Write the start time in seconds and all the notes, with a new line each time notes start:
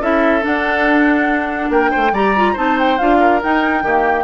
0.00 C#4 E4 A4 E5
0.41 D4 F#5
1.69 A#3 A#4 G5
1.90 C5
1.97 A3
2.12 G3 G4 D5 A#5
2.36 F4
2.53 C4 D#4 C5 A5
2.79 G5
2.98 D4 F4 F5
3.20 A#4
3.42 D#4 G5
3.82 D#3 A#3 G4